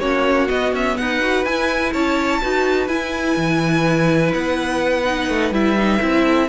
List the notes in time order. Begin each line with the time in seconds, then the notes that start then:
0.00 A#3 C#4 F#4 C#5
0.48 B3 D#5
0.73 C#4 E5
0.97 D#4 B4 F#5
1.21 F#4
1.45 E4 G#5
1.93 C#4 C#5 A5
2.42 D#4 F#4 B4
2.88 E4 G#5
3.37 E3
4.34 B3 F#5
5.05 D#4
5.29 A3
5.51 G3 E4 E5
5.78 D#4
6.00 C4 E4
6.23 A4